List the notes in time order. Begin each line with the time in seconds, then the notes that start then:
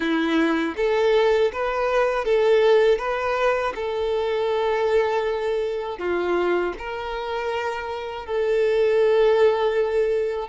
0.00 E4
0.76 A4
1.52 B4
2.25 A4
2.98 B4
3.75 A4
5.98 F4
6.78 A#4
8.26 A4